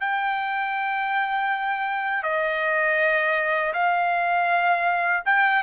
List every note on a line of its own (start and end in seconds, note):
0.00 2.23 G5
2.23 3.73 D#5
3.73 5.23 F5
5.25 5.62 G5